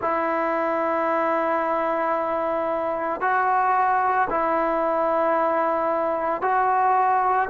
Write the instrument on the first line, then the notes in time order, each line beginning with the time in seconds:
trombone
0.01 E4
3.20 F#4
4.30 E4
6.41 F#4